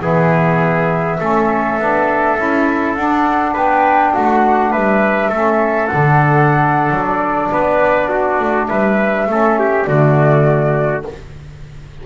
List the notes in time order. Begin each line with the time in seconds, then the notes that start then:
0.00 E3 B3 G#4 E5
1.20 A3 C#4 A4
1.78 B3 D4
2.37 C#4 E4
2.95 D4 F#5
3.53 B3 B4 G5
4.13 A3 F#4 F#5
4.71 G3 B4 E5
5.29 A3 C#4 A4
5.87 D4 F#5
5.93 D3
6.90 F#3
7.05 D5
7.51 B3 B4
8.09 F#4
8.39 A3
8.67 G3 B4 E5
9.26 A3 C#4 A4
9.59 G4
9.85 D3 A3 F#4 D5